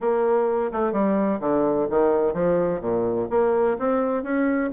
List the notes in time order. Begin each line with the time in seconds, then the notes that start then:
0.00 A#3
0.72 A3
0.92 G3
1.40 D3
1.90 D#3
2.33 F3
2.80 A#2
3.29 A#3
3.79 C4
4.23 C#4